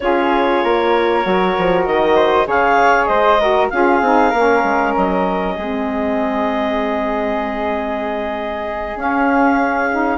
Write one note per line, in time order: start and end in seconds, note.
0.00 0.63 C#4
0.00 1.23 F4
0.00 0.64 G#4
0.00 1.85 C#5
0.63 1.25 A#3
0.63 2.15 A#4
1.23 1.56 F#3
1.23 2.45 F#4
1.58 1.86 F3
1.85 2.46 D#3
1.85 2.47 D#5
2.15 2.46 C5
2.45 3.08 C#3
2.45 3.37 G#4
2.45 3.09 C#5
2.45 3.05 F5
3.05 3.70 G#3
3.05 3.39 C5
3.05 3.67 D#5
3.39 3.70 F#4
3.39 3.70 A#4
3.69 4.01 C#4
3.69 4.02 F4
3.69 4.29 G#4
3.69 4.93 F5
4.01 4.32 C4
4.01 4.34 D#4
4.29 4.63 A#3
4.29 5.53 A#4
4.35 5.58 C#4
4.63 4.94 G#3
4.96 5.57 F#3
4.96 8.98 D#5
5.55 8.95 G#3
5.55 8.96 C4
5.55 10.18 G#4
8.95 10.18 C#4
8.95 9.89 C#4
8.95 10.18 F5
9.92 10.18 D#4